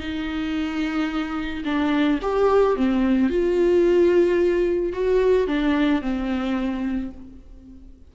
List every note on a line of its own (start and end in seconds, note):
0.00 1.64 D#4
1.65 2.19 D4
2.22 2.76 G4
2.76 3.30 C4
3.30 4.93 F4
4.93 5.47 F#4
5.47 6.01 D4
6.01 7.11 C4